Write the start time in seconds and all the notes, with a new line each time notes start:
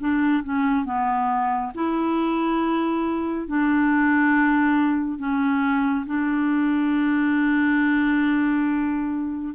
0.00 D4
0.44 C#4
0.85 B3
1.75 E4
3.47 D4
5.19 C#4
6.06 D4